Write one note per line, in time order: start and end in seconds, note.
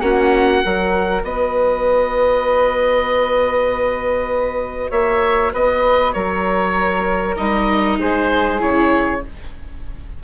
0.00 0.62 A#3
0.00 0.62 C#4
0.00 0.62 F#4
0.00 1.22 F#5
0.62 1.23 F#3
0.62 7.36 F#4
0.62 1.25 A#4
1.23 4.91 B3
1.23 4.90 B4
1.23 4.92 D#5
4.90 5.52 A#3
4.90 5.51 C#5
4.90 5.53 E5
5.53 6.15 B3
5.53 6.14 B4
5.53 6.13 D#5
6.13 7.37 F#3
6.13 7.98 A#4
6.13 7.35 C#5
7.36 7.99 G3
7.36 8.59 D#4
7.36 7.98 D#5
7.99 8.61 G#3
7.99 9.21 G#4
7.99 8.61 C5
8.59 9.23 C#3
8.59 9.21 E4
8.59 9.23 C#5